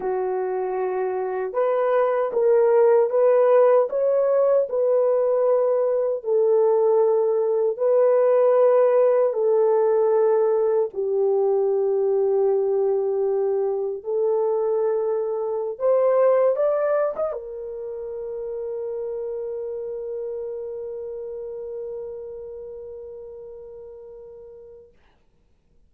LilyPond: \new Staff \with { instrumentName = "horn" } { \time 4/4 \tempo 4 = 77 fis'2 b'4 ais'4 | b'4 cis''4 b'2 | a'2 b'2 | a'2 g'2~ |
g'2 a'2~ | a'16 c''4 d''8. dis''16 ais'4.~ ais'16~ | ais'1~ | ais'1 | }